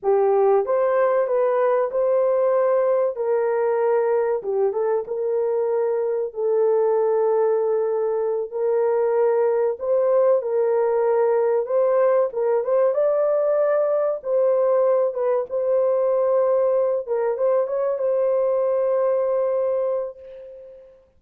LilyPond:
\new Staff \with { instrumentName = "horn" } { \time 4/4 \tempo 4 = 95 g'4 c''4 b'4 c''4~ | c''4 ais'2 g'8 a'8 | ais'2 a'2~ | a'4. ais'2 c''8~ |
c''8 ais'2 c''4 ais'8 | c''8 d''2 c''4. | b'8 c''2~ c''8 ais'8 c''8 | cis''8 c''2.~ c''8 | }